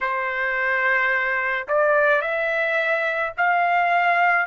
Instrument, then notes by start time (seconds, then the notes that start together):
trumpet
0.00 C5
1.68 D5
2.21 E5
3.37 F5